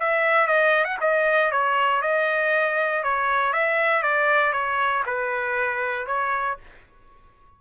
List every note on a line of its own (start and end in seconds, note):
0.00 0.47 E5
0.47 0.85 D#5
0.85 0.97 F#5
1.01 1.51 D#5
1.51 2.02 C#5
2.02 3.03 D#5
3.03 3.53 C#5
3.53 4.03 E5
4.03 4.53 D5
4.53 5.03 C#5
5.06 6.07 B4
6.07 6.58 C#5